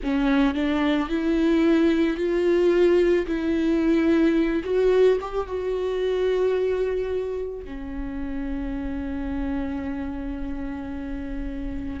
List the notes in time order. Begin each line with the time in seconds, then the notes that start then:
0.03 C#4
0.54 D4
1.09 E4
2.17 F4
3.26 E4
4.64 F#4
5.21 G4
5.47 F#4
7.65 C#4